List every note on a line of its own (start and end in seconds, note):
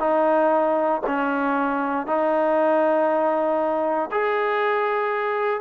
0.00 1.02 D#4
1.07 2.07 C#4
2.07 4.10 D#4
4.12 5.61 G#4